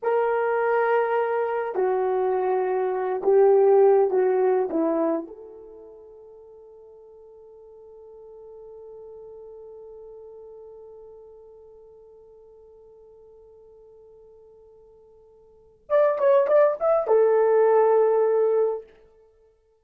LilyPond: \new Staff \with { instrumentName = "horn" } { \time 4/4 \tempo 4 = 102 ais'2. fis'4~ | fis'4. g'4. fis'4 | e'4 a'2.~ | a'1~ |
a'1~ | a'1~ | a'2. d''8 cis''8 | d''8 e''8 a'2. | }